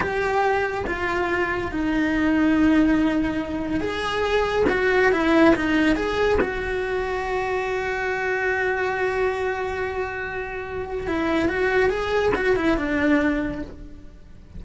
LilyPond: \new Staff \with { instrumentName = "cello" } { \time 4/4 \tempo 4 = 141 g'2 f'2 | dis'1~ | dis'4 gis'2 fis'4 | e'4 dis'4 gis'4 fis'4~ |
fis'1~ | fis'1~ | fis'2 e'4 fis'4 | gis'4 fis'8 e'8 d'2 | }